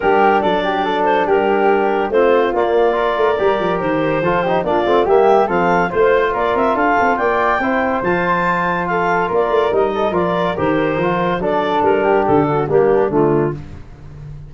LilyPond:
<<
  \new Staff \with { instrumentName = "clarinet" } { \time 4/4 \tempo 4 = 142 ais'4 d''4. c''8 ais'4~ | ais'4 c''4 d''2~ | d''4 c''2 d''4 | e''4 f''4 c''4 d''8 e''8 |
f''4 g''2 a''4~ | a''4 f''4 d''4 dis''4 | d''4 c''2 d''4 | ais'4 a'4 g'4 f'4 | }
  \new Staff \with { instrumentName = "flute" } { \time 4/4 g'4 a'8 g'8 a'4 g'4~ | g'4 f'2 ais'4~ | ais'2 a'8 g'8 f'4 | g'4 a'4 c''4 ais'4 |
a'4 d''4 c''2~ | c''4 a'4 ais'4. a'8 | ais'2. a'4~ | a'8 g'4 fis'8 d'2 | }
  \new Staff \with { instrumentName = "trombone" } { \time 4/4 d'1~ | d'4 c'4 ais4 f'4 | g'2 f'8 dis'8 d'8 c'8 | ais4 c'4 f'2~ |
f'2 e'4 f'4~ | f'2. dis'4 | f'4 g'4 f'4 d'4~ | d'2 ais4 a4 | }
  \new Staff \with { instrumentName = "tuba" } { \time 4/4 g4 fis2 g4~ | g4 a4 ais4. a8 | g8 f8 dis4 f4 ais8 a8 | g4 f4 a4 ais8 c'8 |
d'8 c'8 ais4 c'4 f4~ | f2 ais8 a8 g4 | f4 dis4 f4 fis4 | g4 d4 g4 d4 | }
>>